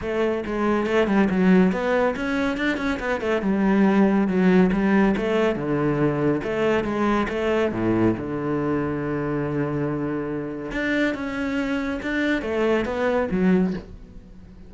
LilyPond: \new Staff \with { instrumentName = "cello" } { \time 4/4 \tempo 4 = 140 a4 gis4 a8 g8 fis4 | b4 cis'4 d'8 cis'8 b8 a8 | g2 fis4 g4 | a4 d2 a4 |
gis4 a4 a,4 d4~ | d1~ | d4 d'4 cis'2 | d'4 a4 b4 fis4 | }